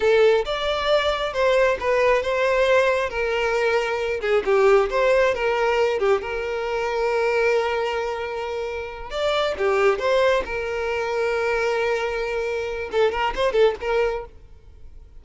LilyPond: \new Staff \with { instrumentName = "violin" } { \time 4/4 \tempo 4 = 135 a'4 d''2 c''4 | b'4 c''2 ais'4~ | ais'4. gis'8 g'4 c''4 | ais'4. g'8 ais'2~ |
ais'1~ | ais'8 d''4 g'4 c''4 ais'8~ | ais'1~ | ais'4 a'8 ais'8 c''8 a'8 ais'4 | }